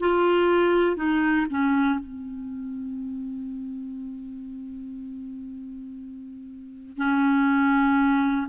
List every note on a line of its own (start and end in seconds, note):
0.00 0.96 F4
0.96 1.46 D#4
1.50 2.00 C#4
2.00 6.97 C4
6.97 8.47 C#4